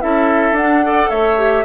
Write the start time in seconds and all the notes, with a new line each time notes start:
0.00 C#4 E4 A4 E5
0.52 D4 F#5
0.83 A4 D5
1.10 A3 C#5 E5
1.37 G4